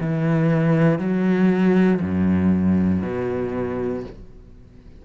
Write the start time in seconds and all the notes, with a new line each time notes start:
0.00 E3
0.98 F#3
2.01 F#2
3.02 B2